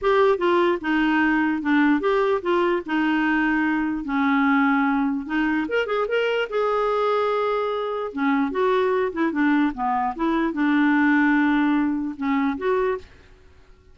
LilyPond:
\new Staff \with { instrumentName = "clarinet" } { \time 4/4 \tempo 4 = 148 g'4 f'4 dis'2 | d'4 g'4 f'4 dis'4~ | dis'2 cis'2~ | cis'4 dis'4 ais'8 gis'8 ais'4 |
gis'1 | cis'4 fis'4. e'8 d'4 | b4 e'4 d'2~ | d'2 cis'4 fis'4 | }